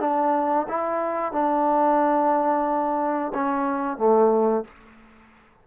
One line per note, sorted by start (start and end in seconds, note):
0.00 0.67 D4
0.68 1.32 E4
1.32 3.32 D4
3.34 3.97 C#4
3.97 4.64 A3